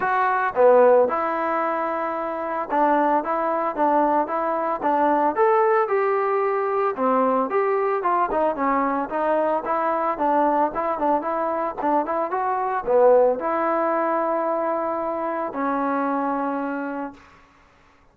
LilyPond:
\new Staff \with { instrumentName = "trombone" } { \time 4/4 \tempo 4 = 112 fis'4 b4 e'2~ | e'4 d'4 e'4 d'4 | e'4 d'4 a'4 g'4~ | g'4 c'4 g'4 f'8 dis'8 |
cis'4 dis'4 e'4 d'4 | e'8 d'8 e'4 d'8 e'8 fis'4 | b4 e'2.~ | e'4 cis'2. | }